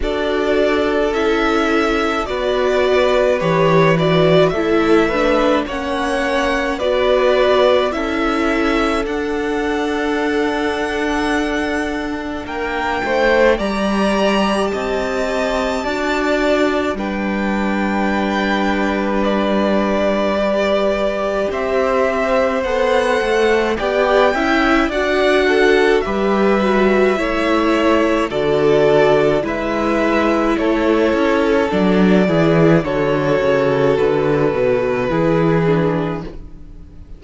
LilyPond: <<
  \new Staff \with { instrumentName = "violin" } { \time 4/4 \tempo 4 = 53 d''4 e''4 d''4 cis''8 d''8 | e''4 fis''4 d''4 e''4 | fis''2. g''4 | ais''4 a''2 g''4~ |
g''4 d''2 e''4 | fis''4 g''4 fis''4 e''4~ | e''4 d''4 e''4 cis''4 | d''4 cis''4 b'2 | }
  \new Staff \with { instrumentName = "violin" } { \time 4/4 a'2 b'2 | a'8 b'8 cis''4 b'4 a'4~ | a'2. ais'8 c''8 | d''4 dis''4 d''4 b'4~ |
b'2. c''4~ | c''4 d''8 e''8 d''8 a'8 b'4 | cis''4 a'4 b'4 a'4~ | a'8 gis'8 a'2 gis'4 | }
  \new Staff \with { instrumentName = "viola" } { \time 4/4 fis'4 e'4 fis'4 g'8 fis'8 | e'8 d'8 cis'4 fis'4 e'4 | d'1 | g'2 fis'4 d'4~ |
d'2 g'2 | a'4 g'8 e'8 fis'4 g'8 fis'8 | e'4 fis'4 e'2 | d'8 e'8 fis'2 e'8 d'8 | }
  \new Staff \with { instrumentName = "cello" } { \time 4/4 d'4 cis'4 b4 e4 | a4 ais4 b4 cis'4 | d'2. ais8 a8 | g4 c'4 d'4 g4~ |
g2. c'4 | b8 a8 b8 cis'8 d'4 g4 | a4 d4 gis4 a8 cis'8 | fis8 e8 d8 cis8 d8 b,8 e4 | }
>>